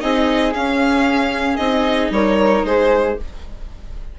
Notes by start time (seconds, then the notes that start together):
0.00 C4 D#4 G#4 D#5
0.54 C#4 F5
1.56 C4 D#4 D#5
2.11 G3 A#4 C#5
2.64 G#3 G#4 C5